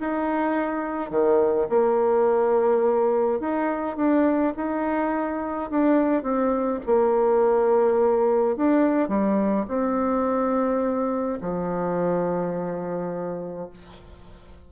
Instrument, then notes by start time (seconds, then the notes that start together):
bassoon
0.00 D#4
1.10 D#3
1.69 A#3
3.40 D#4
3.96 D4
4.57 D#4
5.71 D4
6.23 C4
6.86 A#3
8.57 D4
9.09 G3
9.68 C4
11.41 F3